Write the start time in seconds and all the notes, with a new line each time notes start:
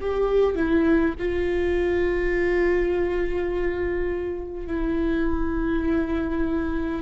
0.00 G4
0.55 E4
1.19 F4
4.66 E4